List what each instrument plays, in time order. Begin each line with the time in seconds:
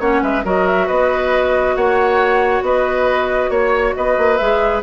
0.00 bassoon A#3, clarinet C#4, oboe C#5, flute F#5
0.22 bassoon G#3, oboe B4, flute E5
0.45 bassoon F#3, clarinet F#4, oboe A#4, flute D#5
0.67 flute E5
0.87 bassoon B3, oboe B4, flute D#5
1.76 bassoon A#3, oboe C#5, flute F#5
2.62 bassoon B3, oboe B4, flute D#5
3.50 bassoon A#3, flute C#5, oboe C#5
3.96 bassoon B3, oboe B4, flute D#5
4.18 bassoon A#3
4.37 bassoon G#3, clarinet G#4, flute E5